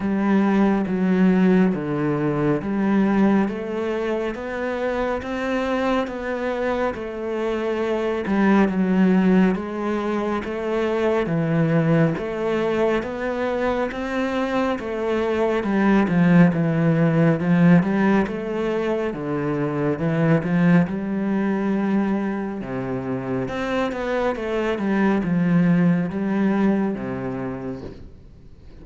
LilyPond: \new Staff \with { instrumentName = "cello" } { \time 4/4 \tempo 4 = 69 g4 fis4 d4 g4 | a4 b4 c'4 b4 | a4. g8 fis4 gis4 | a4 e4 a4 b4 |
c'4 a4 g8 f8 e4 | f8 g8 a4 d4 e8 f8 | g2 c4 c'8 b8 | a8 g8 f4 g4 c4 | }